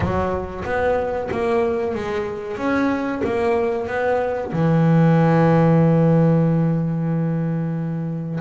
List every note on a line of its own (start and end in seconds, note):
0.00 0.64 F#3
0.64 1.29 B3
1.31 1.94 A#3
1.94 2.57 G#3
2.57 3.21 C#4
3.23 3.87 A#3
3.87 4.52 B3
4.52 8.39 E3